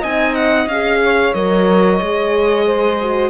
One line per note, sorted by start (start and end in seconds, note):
0.00 0.66 C4
0.00 0.70 D#4
0.00 0.99 D#5
0.00 0.35 G#5
0.35 0.68 F#5
0.66 1.32 C#4
0.66 1.34 G#4
0.66 1.34 F5
1.03 2.66 C#5
1.34 2.00 F#3
1.34 2.00 A#4
1.34 3.30 D#5
2.00 3.30 G#3
2.00 2.99 G#4
2.66 3.30 C5
3.01 3.30 F#4